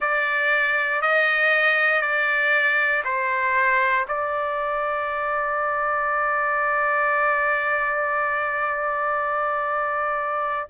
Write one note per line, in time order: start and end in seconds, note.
0.00 1.01 D5
1.01 2.01 D#5
2.01 3.03 D5
3.04 4.05 C5
4.08 10.69 D5